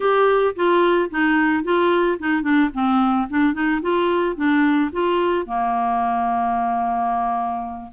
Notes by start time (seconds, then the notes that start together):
0.00 G4
0.55 F4
1.10 D#4
1.63 F4
2.19 D#4
2.42 D4
2.73 C4
3.29 D4
3.53 D#4
3.81 F4
4.35 D4
4.92 F4
5.45 A#3